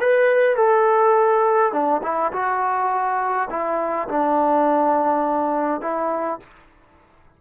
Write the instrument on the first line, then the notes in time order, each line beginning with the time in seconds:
trombone
0.00 B4
0.56 A4
1.72 D4
2.03 E4
2.32 F#4
3.50 E4
4.09 D4
5.81 E4